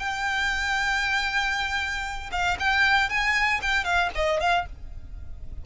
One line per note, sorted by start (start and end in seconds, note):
0.00 2.31 G5
2.32 2.58 F5
2.60 3.10 G5
3.10 3.61 G#5
3.62 3.85 G5
3.85 4.10 F5
4.15 4.41 D#5
4.41 4.66 F5